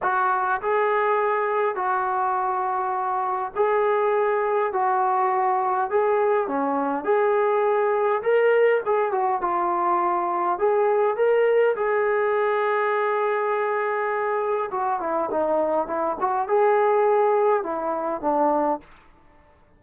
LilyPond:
\new Staff \with { instrumentName = "trombone" } { \time 4/4 \tempo 4 = 102 fis'4 gis'2 fis'4~ | fis'2 gis'2 | fis'2 gis'4 cis'4 | gis'2 ais'4 gis'8 fis'8 |
f'2 gis'4 ais'4 | gis'1~ | gis'4 fis'8 e'8 dis'4 e'8 fis'8 | gis'2 e'4 d'4 | }